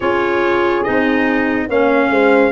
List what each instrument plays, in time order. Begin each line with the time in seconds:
0.00 tuba C#4, clarinet F4, horn G#4, trumpet C#5
0.83 tuba C4, clarinet D#4, trumpet D#5
1.68 tuba A#3, clarinet C#4, horn C#5, trumpet F5
2.10 tuba G#3, horn C5